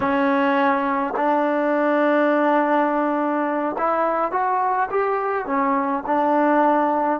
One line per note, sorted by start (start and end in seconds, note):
0.00 1.14 C#4
1.16 3.76 D4
3.78 4.31 E4
4.31 4.89 F#4
4.90 5.45 G4
5.45 6.03 C#4
6.06 7.20 D4